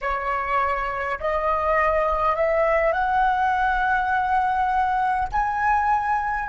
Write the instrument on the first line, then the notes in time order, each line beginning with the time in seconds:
flute
0.01 C#5
1.20 D#5
2.35 E5
2.92 F#5
5.32 G#5